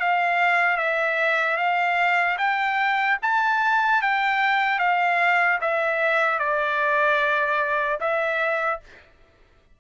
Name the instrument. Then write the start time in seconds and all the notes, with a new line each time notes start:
trumpet
0.00 F5
0.77 E5
1.57 F5
2.38 G5
3.22 A5
4.02 G5
4.79 F5
5.61 E5
6.39 D5
8.00 E5